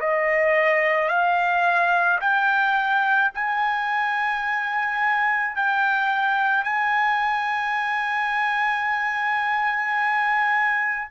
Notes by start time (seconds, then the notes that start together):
0.00 D#5
1.09 F5
2.21 G5
3.34 G#5
5.56 G5
6.64 G#5